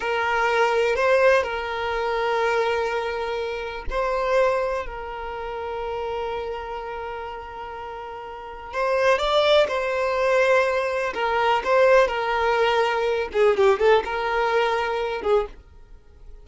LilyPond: \new Staff \with { instrumentName = "violin" } { \time 4/4 \tempo 4 = 124 ais'2 c''4 ais'4~ | ais'1 | c''2 ais'2~ | ais'1~ |
ais'2 c''4 d''4 | c''2. ais'4 | c''4 ais'2~ ais'8 gis'8 | g'8 a'8 ais'2~ ais'8 gis'8 | }